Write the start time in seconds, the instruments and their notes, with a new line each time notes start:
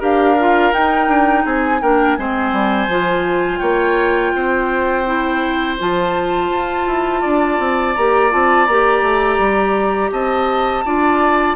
0.00 bassoon D4, clarinet G4, oboe A#4, flute F5
0.39 clarinet F4
0.73 clarinet D#4, bassoon D#4, flute G5
1.08 bassoon D4
1.45 bassoon C4, oboe G#4, flute G#5
1.82 bassoon A#3, clarinet D4, oboe A#4, flute G5
2.16 bassoon G#3, clarinet C4, oboe C5, flute G#5
2.53 bassoon G3
2.88 bassoon F3, clarinet F4
3.59 bassoon A#3, oboe C#5, flute G5
4.35 bassoon C4, oboe C5
5.06 clarinet E4
5.79 bassoon F3, clarinet F4, flute A5
6.51 bassoon F4
6.87 bassoon E4
7.22 bassoon D4, oboe D5
7.59 bassoon C4
7.95 bassoon A#3, clarinet G4, flute A#5
8.31 bassoon C4, clarinet F4, flute A5
8.67 bassoon A#3, clarinet G4, flute A#5
9.02 bassoon A3
9.39 bassoon G3
10.12 bassoon C4, oboe D#5, flute A5
10.85 bassoon D4, clarinet F4, oboe D5